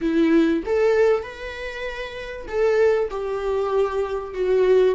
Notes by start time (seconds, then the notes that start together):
0.01 E4
0.65 A4
1.22 B4
2.47 A4
3.10 G4
4.34 F#4